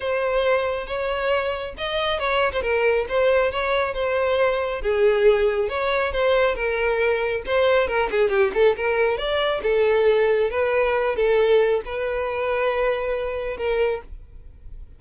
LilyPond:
\new Staff \with { instrumentName = "violin" } { \time 4/4 \tempo 4 = 137 c''2 cis''2 | dis''4 cis''8. c''16 ais'4 c''4 | cis''4 c''2 gis'4~ | gis'4 cis''4 c''4 ais'4~ |
ais'4 c''4 ais'8 gis'8 g'8 a'8 | ais'4 d''4 a'2 | b'4. a'4. b'4~ | b'2. ais'4 | }